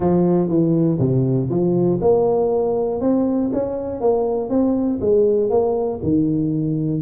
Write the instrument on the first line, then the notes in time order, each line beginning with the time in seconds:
tuba
0.00 F3
0.48 E3
0.99 C3
1.49 F3
2.01 A#3
3.00 C4
3.52 C#4
4.00 A#3
4.49 C4
5.00 G#3
5.50 A#3
6.02 D#3